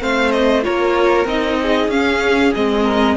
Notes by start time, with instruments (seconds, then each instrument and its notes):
0.00 cello A3, viola C4, violin C5 F5
0.31 violin D#5
0.62 viola F4, violin A#4 C#5
0.68 cello A#3
1.25 cello C4, viola D#4, violin D#5
1.62 violin G#4
1.88 cello C#4, viola C#4, violin F5
2.55 cello G#3, viola C4, violin D#5
2.84 violin A#4